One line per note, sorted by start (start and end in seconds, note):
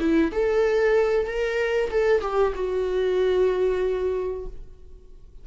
0.00 0.32 E4
0.32 1.27 A4
1.27 1.91 A#4
1.91 2.22 A4
2.22 2.54 G4
2.55 4.47 F#4